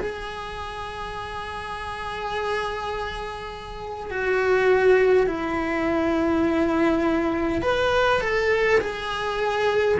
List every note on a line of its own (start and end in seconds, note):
0.00 4.11 G#4
4.11 5.27 F#4
5.27 7.62 E4
7.62 8.21 B4
8.21 8.80 A4
8.81 9.98 G#4